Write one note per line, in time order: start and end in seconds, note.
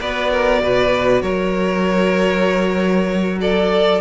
0.00 0.63 B3
0.00 4.01 F#4
0.00 0.31 B4
0.00 1.22 D5
0.31 0.62 A#4
0.62 1.22 B2
0.62 1.22 B4
1.22 4.01 F#3
1.22 3.39 A#4
1.22 3.39 C#5
3.41 4.01 A4
3.41 4.01 D5